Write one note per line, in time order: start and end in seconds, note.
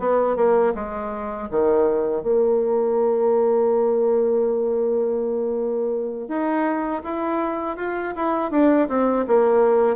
0.00 0.37 B3
0.37 0.74 A#3
0.75 1.49 G#3
1.51 2.23 D#3
2.23 6.29 A#3
6.29 7.03 D#4
7.04 7.77 E4
7.77 8.14 F4
8.16 8.52 E4
8.52 8.89 D4
8.89 9.26 C4
9.28 9.97 A#3